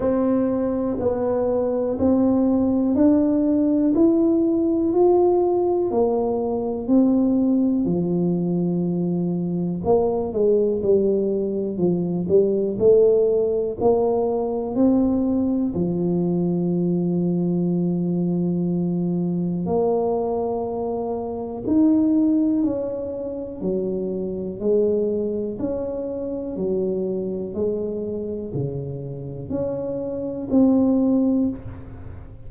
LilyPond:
\new Staff \with { instrumentName = "tuba" } { \time 4/4 \tempo 4 = 61 c'4 b4 c'4 d'4 | e'4 f'4 ais4 c'4 | f2 ais8 gis8 g4 | f8 g8 a4 ais4 c'4 |
f1 | ais2 dis'4 cis'4 | fis4 gis4 cis'4 fis4 | gis4 cis4 cis'4 c'4 | }